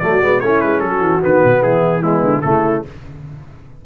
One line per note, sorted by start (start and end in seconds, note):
0.00 0.22 F#3
0.00 0.22 A3
0.00 0.44 F#4
0.00 0.41 D5
0.22 0.42 G#3
0.22 0.42 B3
0.41 0.63 A3
0.41 1.22 C#4
0.41 0.83 E4
0.41 0.61 C#5
0.61 0.82 G#3
0.61 0.80 B4
0.80 1.01 F#3
0.80 1.62 F#4
0.80 1.21 A4
1.01 1.21 E3
1.22 1.44 D#3
1.22 2.02 B3
1.22 1.63 B4
1.45 1.64 B2
1.62 2.24 E3
1.62 2.02 E4
1.62 2.03 G#4
2.02 2.43 G#3
2.02 2.42 B3
2.02 2.42 E4
2.24 2.44 D3
2.42 2.85 C#3
2.42 2.86 A3
2.42 2.86 E4
2.42 2.83 A4